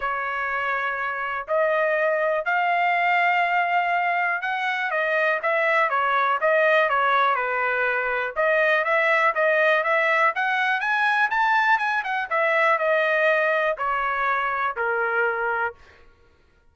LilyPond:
\new Staff \with { instrumentName = "trumpet" } { \time 4/4 \tempo 4 = 122 cis''2. dis''4~ | dis''4 f''2.~ | f''4 fis''4 dis''4 e''4 | cis''4 dis''4 cis''4 b'4~ |
b'4 dis''4 e''4 dis''4 | e''4 fis''4 gis''4 a''4 | gis''8 fis''8 e''4 dis''2 | cis''2 ais'2 | }